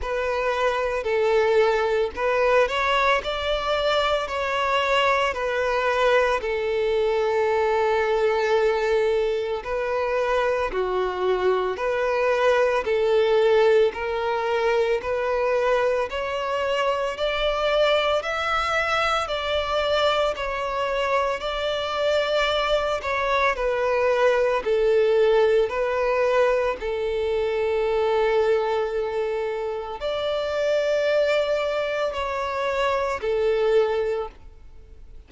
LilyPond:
\new Staff \with { instrumentName = "violin" } { \time 4/4 \tempo 4 = 56 b'4 a'4 b'8 cis''8 d''4 | cis''4 b'4 a'2~ | a'4 b'4 fis'4 b'4 | a'4 ais'4 b'4 cis''4 |
d''4 e''4 d''4 cis''4 | d''4. cis''8 b'4 a'4 | b'4 a'2. | d''2 cis''4 a'4 | }